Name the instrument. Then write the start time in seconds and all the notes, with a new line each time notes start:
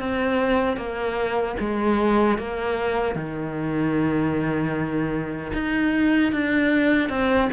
cello
0.00 C4
0.77 A#3
1.60 G#3
2.39 A#3
3.16 D#3
5.54 D#4
6.33 D4
7.09 C4